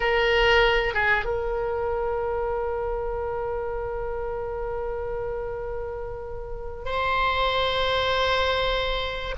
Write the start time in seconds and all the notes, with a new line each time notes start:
0.00 A#4
0.94 G#4
1.24 A#4
6.85 C5